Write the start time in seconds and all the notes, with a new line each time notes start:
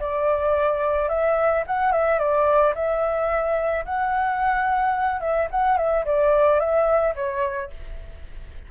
0.00 D5
1.09 E5
1.67 F#5
1.92 E5
2.19 D5
2.75 E5
3.86 F#5
5.21 E5
5.51 F#5
5.77 E5
6.06 D5
6.60 E5
7.16 C#5